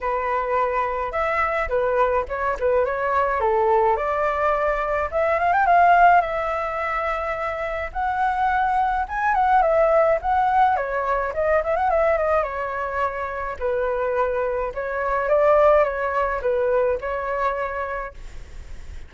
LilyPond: \new Staff \with { instrumentName = "flute" } { \time 4/4 \tempo 4 = 106 b'2 e''4 b'4 | cis''8 b'8 cis''4 a'4 d''4~ | d''4 e''8 f''16 g''16 f''4 e''4~ | e''2 fis''2 |
gis''8 fis''8 e''4 fis''4 cis''4 | dis''8 e''16 fis''16 e''8 dis''8 cis''2 | b'2 cis''4 d''4 | cis''4 b'4 cis''2 | }